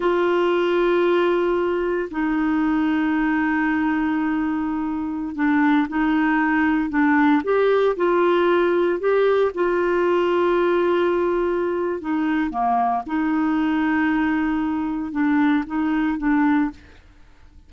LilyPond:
\new Staff \with { instrumentName = "clarinet" } { \time 4/4 \tempo 4 = 115 f'1 | dis'1~ | dis'2~ dis'16 d'4 dis'8.~ | dis'4~ dis'16 d'4 g'4 f'8.~ |
f'4~ f'16 g'4 f'4.~ f'16~ | f'2. dis'4 | ais4 dis'2.~ | dis'4 d'4 dis'4 d'4 | }